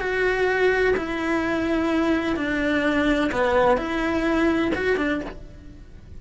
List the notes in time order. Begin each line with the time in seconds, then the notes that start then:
0.00 F#4
0.97 E4
2.36 D4
3.32 B3
3.77 E4
4.75 F#4
4.97 D4